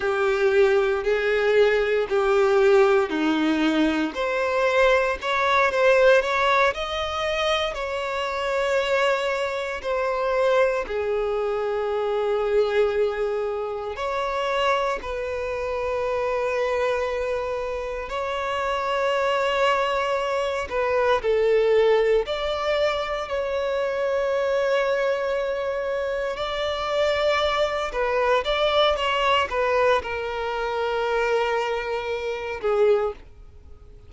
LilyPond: \new Staff \with { instrumentName = "violin" } { \time 4/4 \tempo 4 = 58 g'4 gis'4 g'4 dis'4 | c''4 cis''8 c''8 cis''8 dis''4 cis''8~ | cis''4. c''4 gis'4.~ | gis'4. cis''4 b'4.~ |
b'4. cis''2~ cis''8 | b'8 a'4 d''4 cis''4.~ | cis''4. d''4. b'8 d''8 | cis''8 b'8 ais'2~ ais'8 gis'8 | }